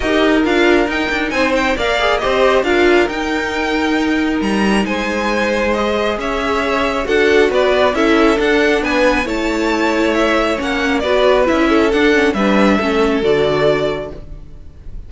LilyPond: <<
  \new Staff \with { instrumentName = "violin" } { \time 4/4 \tempo 4 = 136 dis''4 f''4 g''4 gis''8 g''8 | f''4 dis''4 f''4 g''4~ | g''2 ais''4 gis''4~ | gis''4 dis''4 e''2 |
fis''4 d''4 e''4 fis''4 | gis''4 a''2 e''4 | fis''4 d''4 e''4 fis''4 | e''2 d''2 | }
  \new Staff \with { instrumentName = "violin" } { \time 4/4 ais'2. c''4 | d''4 c''4 ais'2~ | ais'2. c''4~ | c''2 cis''2 |
a'4 b'4 a'2 | b'4 cis''2.~ | cis''4 b'4. a'4. | b'4 a'2. | }
  \new Staff \with { instrumentName = "viola" } { \time 4/4 g'4 f'4 dis'2 | ais'8 gis'8 g'4 f'4 dis'4~ | dis'1~ | dis'4 gis'2. |
fis'2 e'4 d'4~ | d'4 e'2. | cis'4 fis'4 e'4 d'8 cis'8 | d'4 cis'4 fis'2 | }
  \new Staff \with { instrumentName = "cello" } { \time 4/4 dis'4 d'4 dis'8 d'8 c'4 | ais4 c'4 d'4 dis'4~ | dis'2 g4 gis4~ | gis2 cis'2 |
d'4 b4 cis'4 d'4 | b4 a2. | ais4 b4 cis'4 d'4 | g4 a4 d2 | }
>>